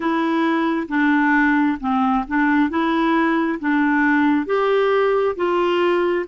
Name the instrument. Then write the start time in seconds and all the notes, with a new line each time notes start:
clarinet
0.00 E4
0.88 D4
1.80 C4
2.27 D4
2.69 E4
3.59 D4
4.45 G4
5.36 F4